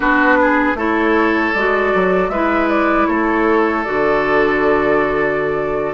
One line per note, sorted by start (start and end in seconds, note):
0.00 0.73 B3
0.00 0.76 D4
0.00 0.37 F#4
0.00 0.77 B4
0.41 0.77 G#4
0.74 1.51 A3
0.74 1.54 E4
0.74 2.31 A4
0.74 1.53 C#5
1.53 1.93 G#3
1.53 2.33 F#4
1.53 2.29 D5
1.94 2.29 F#3
2.29 3.06 G#3
2.29 3.84 E4
2.29 3.08 B4
2.29 2.68 E5
2.68 3.06 D5
3.06 3.85 A3
3.06 5.94 A4
3.06 3.83 C#5
3.83 5.94 D3
3.83 5.94 F#4
3.83 5.94 D5